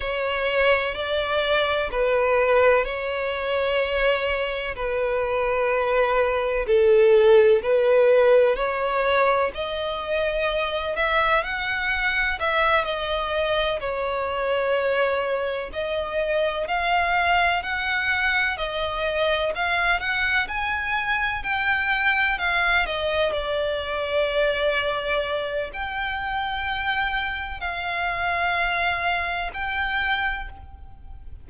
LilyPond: \new Staff \with { instrumentName = "violin" } { \time 4/4 \tempo 4 = 63 cis''4 d''4 b'4 cis''4~ | cis''4 b'2 a'4 | b'4 cis''4 dis''4. e''8 | fis''4 e''8 dis''4 cis''4.~ |
cis''8 dis''4 f''4 fis''4 dis''8~ | dis''8 f''8 fis''8 gis''4 g''4 f''8 | dis''8 d''2~ d''8 g''4~ | g''4 f''2 g''4 | }